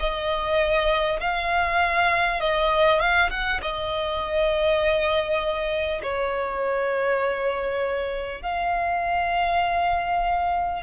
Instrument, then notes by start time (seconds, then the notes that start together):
violin
0.00 D#5
1.21 F5
2.41 D#5
3.00 F5
3.31 F#5
3.62 D#5
6.03 C#5
8.43 F5